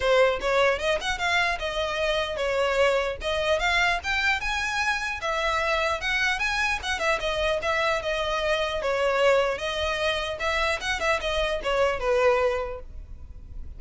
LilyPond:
\new Staff \with { instrumentName = "violin" } { \time 4/4 \tempo 4 = 150 c''4 cis''4 dis''8 fis''8 f''4 | dis''2 cis''2 | dis''4 f''4 g''4 gis''4~ | gis''4 e''2 fis''4 |
gis''4 fis''8 e''8 dis''4 e''4 | dis''2 cis''2 | dis''2 e''4 fis''8 e''8 | dis''4 cis''4 b'2 | }